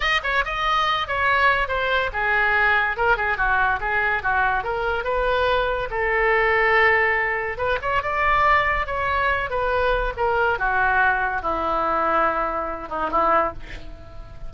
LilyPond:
\new Staff \with { instrumentName = "oboe" } { \time 4/4 \tempo 4 = 142 dis''8 cis''8 dis''4. cis''4. | c''4 gis'2 ais'8 gis'8 | fis'4 gis'4 fis'4 ais'4 | b'2 a'2~ |
a'2 b'8 cis''8 d''4~ | d''4 cis''4. b'4. | ais'4 fis'2 e'4~ | e'2~ e'8 dis'8 e'4 | }